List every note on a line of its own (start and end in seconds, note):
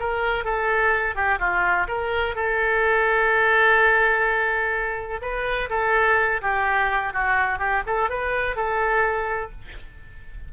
0.00 0.45 A#4
0.45 1.16 A4
1.16 1.39 G4
1.40 1.87 F4
1.88 2.36 A#4
2.36 5.21 A4
5.22 5.70 B4
5.70 6.42 A4
6.42 7.14 G4
7.14 7.59 F#4
7.59 7.83 G4
7.87 8.10 A4
8.10 8.56 B4
8.56 9.52 A4